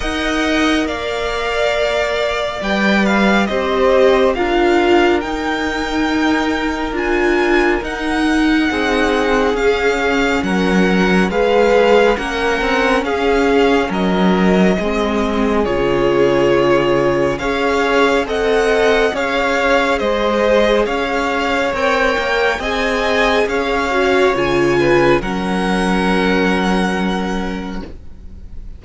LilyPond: <<
  \new Staff \with { instrumentName = "violin" } { \time 4/4 \tempo 4 = 69 fis''4 f''2 g''8 f''8 | dis''4 f''4 g''2 | gis''4 fis''2 f''4 | fis''4 f''4 fis''4 f''4 |
dis''2 cis''2 | f''4 fis''4 f''4 dis''4 | f''4 g''4 gis''4 f''4 | gis''4 fis''2. | }
  \new Staff \with { instrumentName = "violin" } { \time 4/4 dis''4 d''2. | c''4 ais'2.~ | ais'2 gis'2 | ais'4 b'4 ais'4 gis'4 |
ais'4 gis'2. | cis''4 dis''4 cis''4 c''4 | cis''2 dis''4 cis''4~ | cis''8 b'8 ais'2. | }
  \new Staff \with { instrumentName = "viola" } { \time 4/4 ais'2. b'4 | g'4 f'4 dis'2 | f'4 dis'2 cis'4~ | cis'4 gis'4 cis'2~ |
cis'4 c'4 f'2 | gis'4 a'4 gis'2~ | gis'4 ais'4 gis'4. fis'8 | f'4 cis'2. | }
  \new Staff \with { instrumentName = "cello" } { \time 4/4 dis'4 ais2 g4 | c'4 d'4 dis'2 | d'4 dis'4 c'4 cis'4 | fis4 gis4 ais8 c'8 cis'4 |
fis4 gis4 cis2 | cis'4 c'4 cis'4 gis4 | cis'4 c'8 ais8 c'4 cis'4 | cis4 fis2. | }
>>